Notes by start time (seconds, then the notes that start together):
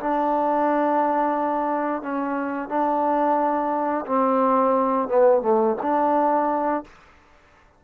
0.00 D4
2.02 C#4
2.69 D4
4.06 C4
5.09 B3
5.42 A3
5.82 D4